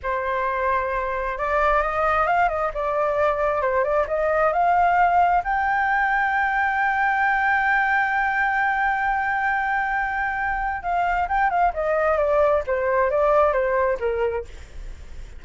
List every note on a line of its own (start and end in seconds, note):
0.02 1.37 C5
1.37 1.82 D5
1.82 2.26 D#5
2.26 2.48 F5
2.48 2.71 D#5
2.74 3.61 D5
3.61 3.83 C5
3.83 4.06 D5
4.07 4.52 D#5
4.52 5.43 F5
5.44 10.82 G5
10.82 11.27 F5
11.28 11.50 G5
11.50 11.72 F5
11.73 12.17 D#5
12.17 12.63 D5
12.66 13.10 C5
13.10 13.52 D5
13.52 13.97 C5
13.99 14.44 A#4